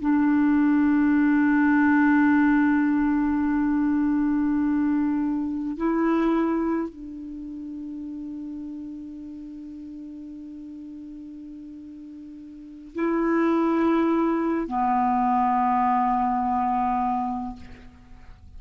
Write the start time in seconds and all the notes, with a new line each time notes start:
0.00 D4
5.77 E4
6.89 D4
12.94 E4
14.67 B3